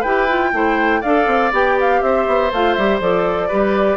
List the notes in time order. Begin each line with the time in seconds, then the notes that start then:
0.00 E4 G4 B4 G5
0.29 F4
0.52 A3 E4 C5
1.00 D4 A4 D5 F5
1.27 C4
1.52 B3 G4 G5
1.80 F5
2.01 C4 C5 E5
2.27 B3
2.52 A3 F4 F5
2.74 G3 G4 E5
3.00 F3 A4 D5
3.48 G3 G4 B4